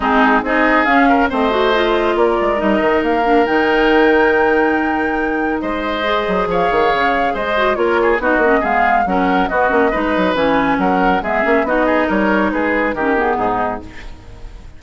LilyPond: <<
  \new Staff \with { instrumentName = "flute" } { \time 4/4 \tempo 4 = 139 gis'4 dis''4 f''4 dis''4~ | dis''4 d''4 dis''4 f''4 | g''1~ | g''4 dis''2 f''4~ |
f''4 dis''4 cis''4 dis''4 | f''4 fis''4 dis''2 | gis''4 fis''4 e''4 dis''4 | cis''4 b'4 ais'8 gis'4. | }
  \new Staff \with { instrumentName = "oboe" } { \time 4/4 dis'4 gis'4. ais'8 c''4~ | c''4 ais'2.~ | ais'1~ | ais'4 c''2 cis''4~ |
cis''4 c''4 ais'8 gis'8 fis'4 | gis'4 ais'4 fis'4 b'4~ | b'4 ais'4 gis'4 fis'8 gis'8 | ais'4 gis'4 g'4 dis'4 | }
  \new Staff \with { instrumentName = "clarinet" } { \time 4/4 c'4 dis'4 cis'4 c'8 fis'8 | f'2 dis'4. d'8 | dis'1~ | dis'2 gis'2~ |
gis'4. fis'8 f'4 dis'8 cis'8 | b4 cis'4 b8 cis'8 dis'4 | cis'2 b8 cis'8 dis'4~ | dis'2 cis'8 b4. | }
  \new Staff \with { instrumentName = "bassoon" } { \time 4/4 gis4 c'4 cis'4 a4~ | a4 ais8 gis8 g8 dis8 ais4 | dis1~ | dis4 gis4. fis8 f8 dis8 |
cis4 gis4 ais4 b8 ais8 | gis4 fis4 b8 ais8 gis8 fis8 | e4 fis4 gis8 ais8 b4 | g4 gis4 dis4 gis,4 | }
>>